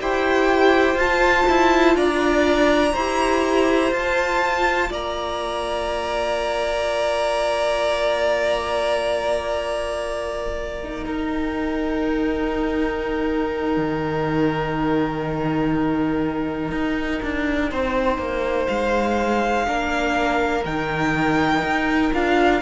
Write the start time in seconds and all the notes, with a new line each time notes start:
0.00 E4 G4 C5 G5
0.94 F4 A5
1.49 E4
1.95 D4 D5 A#5
2.93 E4 G4 C5
3.91 F4 A5
4.90 A#3 D5 A#5
10.83 D#4
11.06 D#4 A#4
11.32 G5
13.77 D#3
16.71 D#4
17.22 D4
17.69 C4 C5
18.18 A#3
18.67 G#3 F5
19.66 A#3 D4 A#4
20.65 D#3 D#4 G5
21.62 D#4
22.12 D4 F4 F5